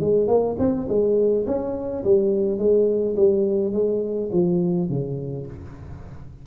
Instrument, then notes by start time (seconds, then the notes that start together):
tuba
0.00 G#3
0.28 A#3
0.59 C4
0.88 G#3
1.46 C#4
2.04 G3
2.58 G#3
3.16 G3
3.73 G#3
4.32 F3
4.89 C#3